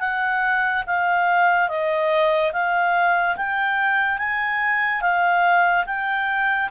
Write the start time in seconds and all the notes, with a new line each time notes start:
0.00 F#5
0.86 F5
1.69 D#5
2.53 F5
3.37 G5
4.18 G#5
5.01 F5
5.86 G5